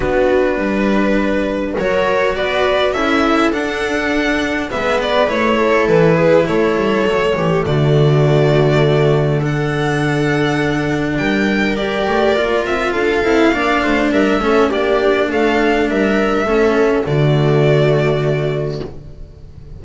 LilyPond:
<<
  \new Staff \with { instrumentName = "violin" } { \time 4/4 \tempo 4 = 102 b'2. cis''4 | d''4 e''4 fis''2 | e''8 d''8 cis''4 b'4 cis''4~ | cis''4 d''2. |
fis''2. g''4 | d''4. e''8 f''2 | e''4 d''4 f''4 e''4~ | e''4 d''2. | }
  \new Staff \with { instrumentName = "viola" } { \time 4/4 fis'4 b'2 ais'4 | b'4 a'2. | b'4. a'4 gis'8 a'4~ | a'8 g'8 fis'2. |
a'2. ais'4~ | ais'2 a'4 d''8 c''8 | ais'8 a'8 g'4 a'4 ais'4 | a'4 fis'2. | }
  \new Staff \with { instrumentName = "cello" } { \time 4/4 d'2. fis'4~ | fis'4 e'4 d'2 | b4 e'2. | a1 |
d'1 | g'4 f'4. e'8 d'4~ | d'8 cis'8 d'2. | cis'4 a2. | }
  \new Staff \with { instrumentName = "double bass" } { \time 4/4 b4 g2 fis4 | b4 cis'4 d'2 | gis4 a4 e4 a8 g8 | fis8 e8 d2.~ |
d2. g4~ | g8 a8 ais8 c'8 d'8 c'8 ais8 a8 | g8 a8 ais4 a4 g4 | a4 d2. | }
>>